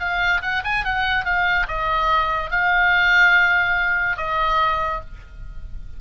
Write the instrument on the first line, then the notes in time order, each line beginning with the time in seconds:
oboe
0.00 F5
0.42 F#5
0.65 G#5
0.85 F#5
1.25 F5
1.68 D#5
2.51 F5
4.17 D#5